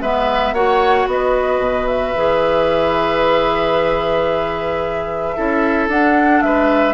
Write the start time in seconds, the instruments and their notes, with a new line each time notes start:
0.00 bassoon G#3, clarinet B3, oboe B4, flute E5
0.52 bassoon A#3, clarinet F#4, oboe C#5, flute F#5
1.06 bassoon B3, oboe B4, flute D#5
1.59 bassoon B2
1.87 flute E5
2.16 bassoon E3, clarinet G#4
5.36 bassoon C#4, clarinet E4, oboe A4
5.88 bassoon D4, clarinet D4, flute F#5
6.42 bassoon G#3, oboe B4, flute E5